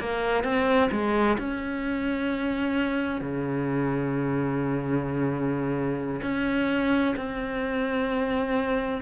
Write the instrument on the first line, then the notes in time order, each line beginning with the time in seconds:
cello
0.00 A#3
0.44 C4
0.91 G#3
1.38 C#4
3.21 C#3
6.22 C#4
7.17 C4